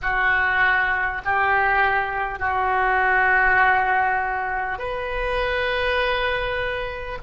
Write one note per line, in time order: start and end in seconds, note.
0.02 1.22 F#4
1.24 2.39 G4
2.39 4.78 F#4
4.78 7.18 B4